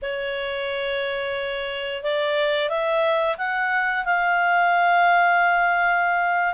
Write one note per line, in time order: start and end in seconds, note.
0.02 2.03 C#5
2.03 2.69 D5
2.69 3.36 E5
3.37 4.05 F#5
4.05 6.54 F5